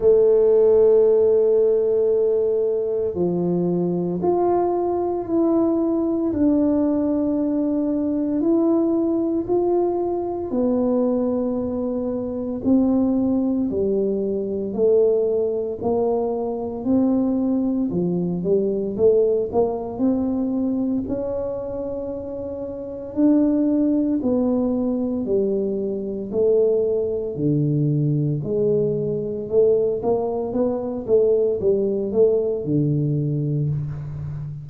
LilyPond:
\new Staff \with { instrumentName = "tuba" } { \time 4/4 \tempo 4 = 57 a2. f4 | f'4 e'4 d'2 | e'4 f'4 b2 | c'4 g4 a4 ais4 |
c'4 f8 g8 a8 ais8 c'4 | cis'2 d'4 b4 | g4 a4 d4 gis4 | a8 ais8 b8 a8 g8 a8 d4 | }